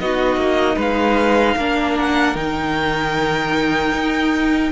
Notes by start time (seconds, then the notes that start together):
0.00 B3 D#4 F#4 D#5
0.37 A#3
0.76 G#3 B4 F5
1.56 A#3 D4 A#4
1.99 F#5
2.35 D#3 D#4 G5
3.93 D#4